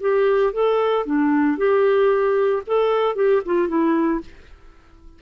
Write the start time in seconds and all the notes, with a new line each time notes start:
0.00 G4
0.53 A4
1.06 D4
1.57 G4
2.67 A4
3.15 G4
3.45 F4
3.68 E4